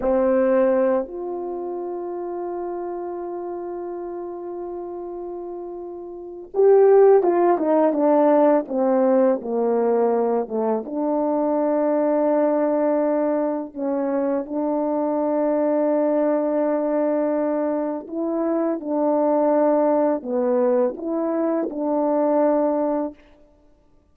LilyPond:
\new Staff \with { instrumentName = "horn" } { \time 4/4 \tempo 4 = 83 c'4. f'2~ f'8~ | f'1~ | f'4 g'4 f'8 dis'8 d'4 | c'4 ais4. a8 d'4~ |
d'2. cis'4 | d'1~ | d'4 e'4 d'2 | b4 e'4 d'2 | }